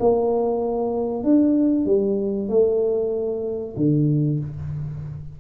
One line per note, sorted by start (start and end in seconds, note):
0.00 1.24 A#3
1.24 1.86 D4
1.86 2.49 G3
2.49 3.75 A3
3.76 4.40 D3